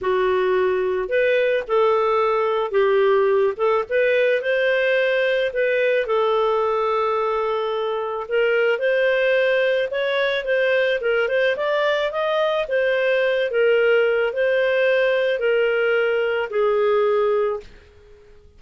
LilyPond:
\new Staff \with { instrumentName = "clarinet" } { \time 4/4 \tempo 4 = 109 fis'2 b'4 a'4~ | a'4 g'4. a'8 b'4 | c''2 b'4 a'4~ | a'2. ais'4 |
c''2 cis''4 c''4 | ais'8 c''8 d''4 dis''4 c''4~ | c''8 ais'4. c''2 | ais'2 gis'2 | }